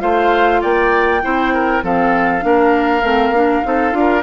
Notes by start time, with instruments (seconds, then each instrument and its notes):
0.00 bassoon A3, clarinet F4, oboe C5, flute F5
0.61 bassoon A#3, oboe D5, flute G5
1.22 bassoon C4, clarinet E4, oboe C5
1.54 oboe A#4
1.83 bassoon F3, clarinet C4, oboe A4, flute F5
2.41 bassoon A#3, clarinet D4, oboe A#4
3.03 bassoon A3, clarinet C4
3.31 bassoon A#3, clarinet D4
3.64 bassoon C4, clarinet D#4, oboe A4
3.92 bassoon D4, clarinet F4
3.99 oboe A#4